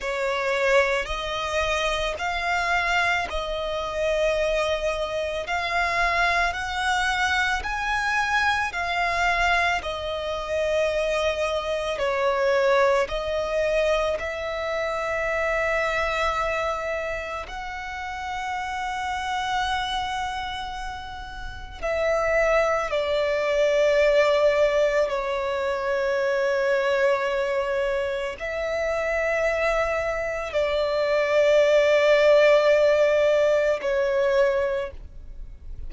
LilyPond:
\new Staff \with { instrumentName = "violin" } { \time 4/4 \tempo 4 = 55 cis''4 dis''4 f''4 dis''4~ | dis''4 f''4 fis''4 gis''4 | f''4 dis''2 cis''4 | dis''4 e''2. |
fis''1 | e''4 d''2 cis''4~ | cis''2 e''2 | d''2. cis''4 | }